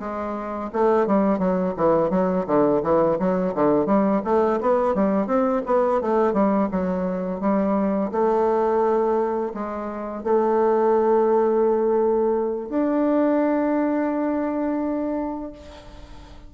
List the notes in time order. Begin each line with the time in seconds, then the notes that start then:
0.00 G#3
0.73 A3
1.07 G3
1.39 F#3
1.77 E3
2.10 F#3
2.47 D3
2.83 E3
3.20 F#3
3.55 D3
3.87 G3
4.25 A3
4.61 B3
4.95 G3
5.27 C4
5.67 B3
6.02 A3
6.34 G3
6.72 F#3
7.41 G3
8.12 A3
9.54 G#3
10.24 A3
12.70 D4